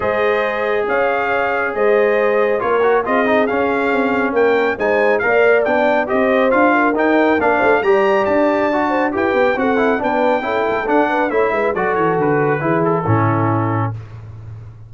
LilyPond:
<<
  \new Staff \with { instrumentName = "trumpet" } { \time 4/4 \tempo 4 = 138 dis''2 f''2 | dis''2 cis''4 dis''4 | f''2 g''4 gis''4 | f''4 g''4 dis''4 f''4 |
g''4 f''4 ais''4 a''4~ | a''4 g''4 fis''4 g''4~ | g''4 fis''4 e''4 d''8 cis''8 | b'4. a'2~ a'8 | }
  \new Staff \with { instrumentName = "horn" } { \time 4/4 c''2 cis''2 | c''2 ais'4 gis'4~ | gis'2 ais'4 c''4 | d''2 c''4. ais'8~ |
ais'4. c''8 d''2~ | d''8 c''8 b'4 a'4 b'4 | a'4. b'8 cis''8 b'8 a'4~ | a'4 gis'4 e'2 | }
  \new Staff \with { instrumentName = "trombone" } { \time 4/4 gis'1~ | gis'2 f'8 fis'8 f'8 dis'8 | cis'2. dis'4 | ais'4 d'4 g'4 f'4 |
dis'4 d'4 g'2 | fis'4 g'4 fis'8 e'8 d'4 | e'4 d'4 e'4 fis'4~ | fis'4 e'4 cis'2 | }
  \new Staff \with { instrumentName = "tuba" } { \time 4/4 gis2 cis'2 | gis2 ais4 c'4 | cis'4 c'4 ais4 gis4 | ais4 b4 c'4 d'4 |
dis'4 ais8 a8 g4 d'4~ | d'4 e'8 b8 c'4 b4 | cis'8 a8 d'4 a8 gis8 fis8 e8 | d4 e4 a,2 | }
>>